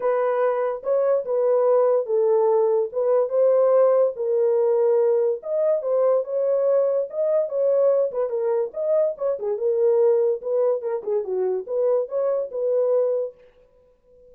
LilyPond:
\new Staff \with { instrumentName = "horn" } { \time 4/4 \tempo 4 = 144 b'2 cis''4 b'4~ | b'4 a'2 b'4 | c''2 ais'2~ | ais'4 dis''4 c''4 cis''4~ |
cis''4 dis''4 cis''4. b'8 | ais'4 dis''4 cis''8 gis'8 ais'4~ | ais'4 b'4 ais'8 gis'8 fis'4 | b'4 cis''4 b'2 | }